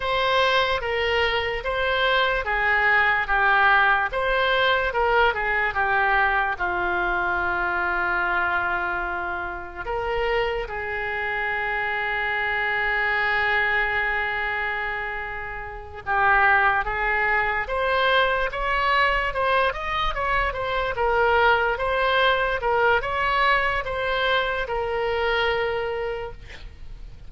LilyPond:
\new Staff \with { instrumentName = "oboe" } { \time 4/4 \tempo 4 = 73 c''4 ais'4 c''4 gis'4 | g'4 c''4 ais'8 gis'8 g'4 | f'1 | ais'4 gis'2.~ |
gis'2.~ gis'8 g'8~ | g'8 gis'4 c''4 cis''4 c''8 | dis''8 cis''8 c''8 ais'4 c''4 ais'8 | cis''4 c''4 ais'2 | }